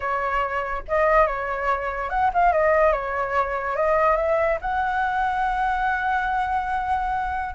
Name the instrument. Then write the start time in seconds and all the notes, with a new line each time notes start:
flute
0.00 C#5
0.88 D#5
1.26 C#5
2.09 F#5
2.33 F5
2.52 D#5
2.92 C#5
3.76 D#5
4.16 E5
4.61 F#5